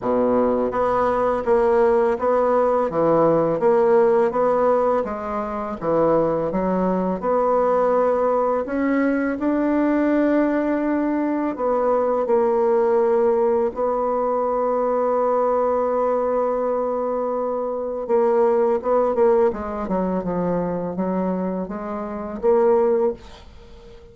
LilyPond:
\new Staff \with { instrumentName = "bassoon" } { \time 4/4 \tempo 4 = 83 b,4 b4 ais4 b4 | e4 ais4 b4 gis4 | e4 fis4 b2 | cis'4 d'2. |
b4 ais2 b4~ | b1~ | b4 ais4 b8 ais8 gis8 fis8 | f4 fis4 gis4 ais4 | }